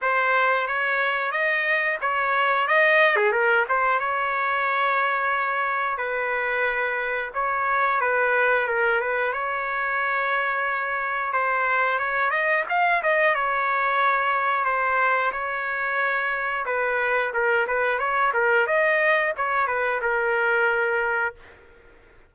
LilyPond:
\new Staff \with { instrumentName = "trumpet" } { \time 4/4 \tempo 4 = 90 c''4 cis''4 dis''4 cis''4 | dis''8. gis'16 ais'8 c''8 cis''2~ | cis''4 b'2 cis''4 | b'4 ais'8 b'8 cis''2~ |
cis''4 c''4 cis''8 dis''8 f''8 dis''8 | cis''2 c''4 cis''4~ | cis''4 b'4 ais'8 b'8 cis''8 ais'8 | dis''4 cis''8 b'8 ais'2 | }